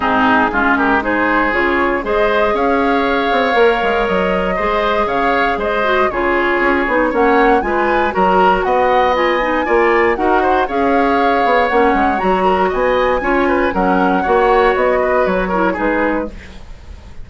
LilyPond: <<
  \new Staff \with { instrumentName = "flute" } { \time 4/4 \tempo 4 = 118 gis'4. ais'8 c''4 cis''4 | dis''4 f''2. | dis''2 f''4 dis''4 | cis''2 fis''4 gis''4 |
ais''4 fis''4 gis''2 | fis''4 f''2 fis''4 | ais''4 gis''2 fis''4~ | fis''4 dis''4 cis''4 b'4 | }
  \new Staff \with { instrumentName = "oboe" } { \time 4/4 dis'4 f'8 g'8 gis'2 | c''4 cis''2.~ | cis''4 c''4 cis''4 c''4 | gis'2 cis''4 b'4 |
ais'4 dis''2 d''4 | ais'8 c''8 cis''2.~ | cis''8 ais'8 dis''4 cis''8 b'8 ais'4 | cis''4. b'4 ais'8 gis'4 | }
  \new Staff \with { instrumentName = "clarinet" } { \time 4/4 c'4 cis'4 dis'4 f'4 | gis'2. ais'4~ | ais'4 gis'2~ gis'8 fis'8 | f'4. dis'8 cis'4 f'4 |
fis'2 f'8 dis'8 f'4 | fis'4 gis'2 cis'4 | fis'2 f'4 cis'4 | fis'2~ fis'8 e'8 dis'4 | }
  \new Staff \with { instrumentName = "bassoon" } { \time 4/4 gis,4 gis2 cis4 | gis4 cis'4. c'8 ais8 gis8 | fis4 gis4 cis4 gis4 | cis4 cis'8 b8 ais4 gis4 |
fis4 b2 ais4 | dis'4 cis'4. b8 ais8 gis8 | fis4 b4 cis'4 fis4 | ais4 b4 fis4 gis4 | }
>>